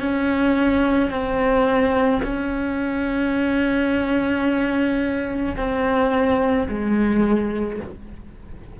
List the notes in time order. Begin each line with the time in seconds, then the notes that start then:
0.00 C#4
1.10 C4
2.22 C#4
5.57 C4
6.68 G#3